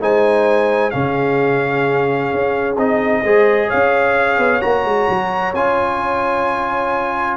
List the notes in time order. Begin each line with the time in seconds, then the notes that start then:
0.00 G#3 D#4 C5 G#5
0.90 C#3 C#4 G#4 F5
2.33 C#4
2.77 C4 D#4 D#5
3.22 G#3 G#4 C5
3.67 C#5 F5
3.73 C#4
4.38 B3
4.61 A#3 F#4 A#5
4.85 G#3
5.09 F#3
5.54 C#4 F4 G#5